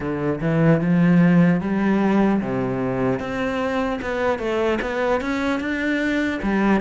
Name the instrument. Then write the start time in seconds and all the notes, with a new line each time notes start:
cello
0.00 D3
0.40 E3
0.80 F3
1.60 G3
2.41 C3
3.19 C4
4.01 B3
4.39 A3
4.81 B3
5.20 C#4
5.60 D4
6.42 G3